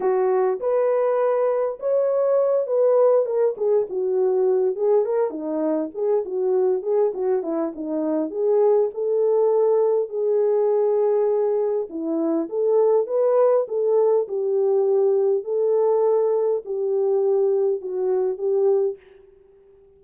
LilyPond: \new Staff \with { instrumentName = "horn" } { \time 4/4 \tempo 4 = 101 fis'4 b'2 cis''4~ | cis''8 b'4 ais'8 gis'8 fis'4. | gis'8 ais'8 dis'4 gis'8 fis'4 gis'8 | fis'8 e'8 dis'4 gis'4 a'4~ |
a'4 gis'2. | e'4 a'4 b'4 a'4 | g'2 a'2 | g'2 fis'4 g'4 | }